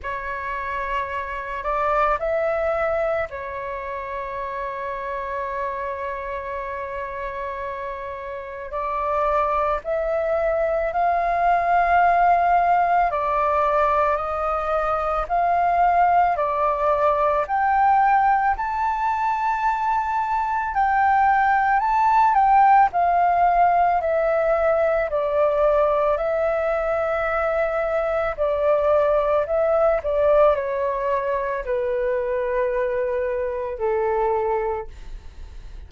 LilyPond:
\new Staff \with { instrumentName = "flute" } { \time 4/4 \tempo 4 = 55 cis''4. d''8 e''4 cis''4~ | cis''1 | d''4 e''4 f''2 | d''4 dis''4 f''4 d''4 |
g''4 a''2 g''4 | a''8 g''8 f''4 e''4 d''4 | e''2 d''4 e''8 d''8 | cis''4 b'2 a'4 | }